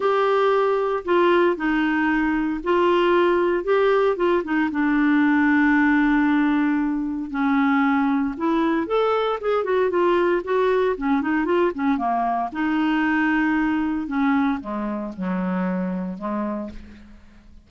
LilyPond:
\new Staff \with { instrumentName = "clarinet" } { \time 4/4 \tempo 4 = 115 g'2 f'4 dis'4~ | dis'4 f'2 g'4 | f'8 dis'8 d'2.~ | d'2 cis'2 |
e'4 a'4 gis'8 fis'8 f'4 | fis'4 cis'8 dis'8 f'8 cis'8 ais4 | dis'2. cis'4 | gis4 fis2 gis4 | }